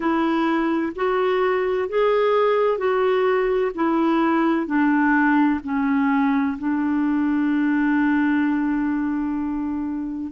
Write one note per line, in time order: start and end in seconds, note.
0.00 0.92 E4
0.95 1.88 F#4
1.88 2.77 G#4
2.77 3.71 F#4
3.74 4.66 E4
4.66 5.60 D4
5.63 6.57 C#4
6.58 10.32 D4